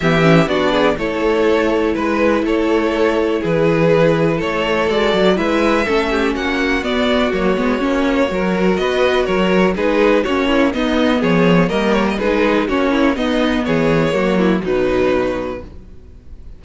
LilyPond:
<<
  \new Staff \with { instrumentName = "violin" } { \time 4/4 \tempo 4 = 123 e''4 d''4 cis''2 | b'4 cis''2 b'4~ | b'4 cis''4 d''4 e''4~ | e''4 fis''4 d''4 cis''4~ |
cis''2 dis''4 cis''4 | b'4 cis''4 dis''4 cis''4 | dis''8 cis''16 dis''16 b'4 cis''4 dis''4 | cis''2 b'2 | }
  \new Staff \with { instrumentName = "violin" } { \time 4/4 g'4 fis'8 gis'8 a'2 | b'4 a'2 gis'4~ | gis'4 a'2 b'4 | a'8 g'8 fis'2.~ |
fis'4 ais'4 b'4 ais'4 | gis'4 fis'8 e'8 dis'4 gis'4 | ais'4 gis'4 fis'8 e'8 dis'4 | gis'4 fis'8 e'8 dis'2 | }
  \new Staff \with { instrumentName = "viola" } { \time 4/4 b8 cis'8 d'4 e'2~ | e'1~ | e'2 fis'4 e'4 | cis'2 b4 ais8 b8 |
cis'4 fis'2. | dis'4 cis'4 b2 | ais4 dis'4 cis'4 b4~ | b4 ais4 fis2 | }
  \new Staff \with { instrumentName = "cello" } { \time 4/4 e4 b4 a2 | gis4 a2 e4~ | e4 a4 gis8 fis8 gis4 | a4 ais4 b4 fis8 gis8 |
ais4 fis4 b4 fis4 | gis4 ais4 b4 f4 | g4 gis4 ais4 b4 | e4 fis4 b,2 | }
>>